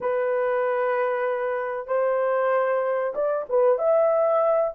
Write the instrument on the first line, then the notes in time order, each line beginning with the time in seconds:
horn
0.00 B4
1.87 C5
3.14 D5
3.49 B4
3.78 E5